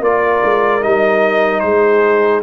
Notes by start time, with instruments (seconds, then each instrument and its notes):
0.00 tuba A#3, trombone F4, horn A#4, trumpet D5
0.44 tuba G#3
0.82 tuba G3, trombone D#4, trumpet D#5
1.60 tuba G#3, horn G#4, trumpet C5